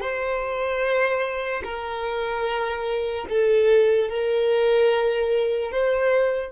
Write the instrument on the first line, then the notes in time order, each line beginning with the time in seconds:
violin
0.00 C5
1.64 A#4
3.29 A4
4.09 A#4
5.72 C5